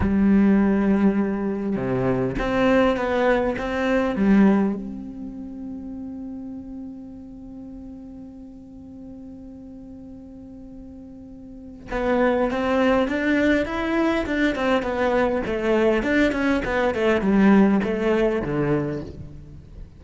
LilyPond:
\new Staff \with { instrumentName = "cello" } { \time 4/4 \tempo 4 = 101 g2. c4 | c'4 b4 c'4 g4 | c'1~ | c'1~ |
c'1 | b4 c'4 d'4 e'4 | d'8 c'8 b4 a4 d'8 cis'8 | b8 a8 g4 a4 d4 | }